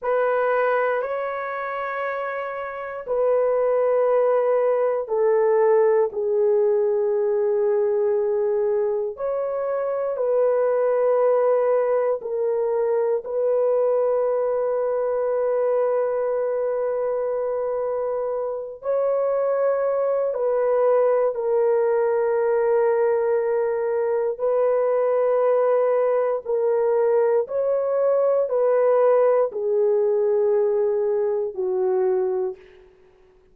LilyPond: \new Staff \with { instrumentName = "horn" } { \time 4/4 \tempo 4 = 59 b'4 cis''2 b'4~ | b'4 a'4 gis'2~ | gis'4 cis''4 b'2 | ais'4 b'2.~ |
b'2~ b'8 cis''4. | b'4 ais'2. | b'2 ais'4 cis''4 | b'4 gis'2 fis'4 | }